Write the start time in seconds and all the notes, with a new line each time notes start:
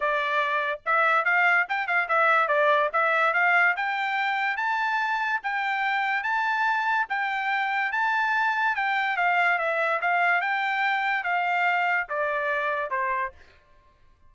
0.00 D5
0.85 E5
1.24 F5
1.68 G5
1.87 F5
2.08 E5
2.48 D5
2.93 E5
3.33 F5
3.76 G5
4.56 A5
5.43 G5
6.23 A5
7.09 G5
7.92 A5
8.75 G5
9.17 F5
9.58 E5
10.01 F5
10.41 G5
11.23 F5
12.09 D5
12.90 C5